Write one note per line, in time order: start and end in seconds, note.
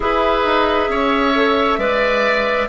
0.00 0.44 E4
0.00 1.33 G#4
0.00 0.90 B4
0.00 2.68 E5
0.44 0.88 D#4
0.88 1.78 C#4
0.88 1.79 C#5
1.35 1.79 A4
1.78 2.67 G#3
1.78 2.68 B4
1.78 2.68 D5